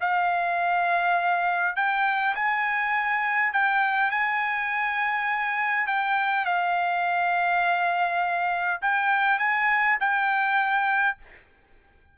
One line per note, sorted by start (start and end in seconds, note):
0.00 1.76 F5
1.76 2.35 G5
2.35 3.52 G#5
3.53 4.10 G5
4.10 5.86 G#5
5.86 6.45 G5
6.45 8.80 F5
8.81 9.39 G5
9.39 9.98 G#5
10.00 11.17 G5